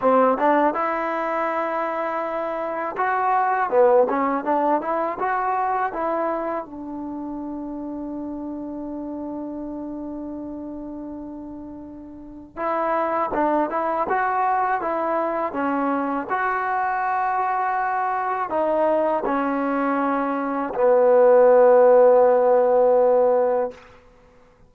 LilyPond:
\new Staff \with { instrumentName = "trombone" } { \time 4/4 \tempo 4 = 81 c'8 d'8 e'2. | fis'4 b8 cis'8 d'8 e'8 fis'4 | e'4 d'2.~ | d'1~ |
d'4 e'4 d'8 e'8 fis'4 | e'4 cis'4 fis'2~ | fis'4 dis'4 cis'2 | b1 | }